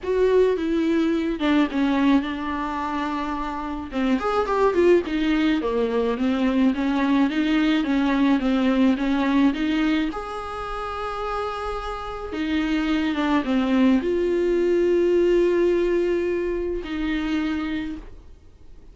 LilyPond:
\new Staff \with { instrumentName = "viola" } { \time 4/4 \tempo 4 = 107 fis'4 e'4. d'8 cis'4 | d'2. c'8 gis'8 | g'8 f'8 dis'4 ais4 c'4 | cis'4 dis'4 cis'4 c'4 |
cis'4 dis'4 gis'2~ | gis'2 dis'4. d'8 | c'4 f'2.~ | f'2 dis'2 | }